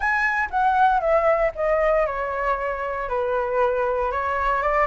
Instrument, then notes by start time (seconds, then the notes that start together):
flute
0.00 G#5
0.50 F#5
1.00 E5
1.55 D#5
2.06 C#5
3.09 B4
4.11 C#5
4.62 D5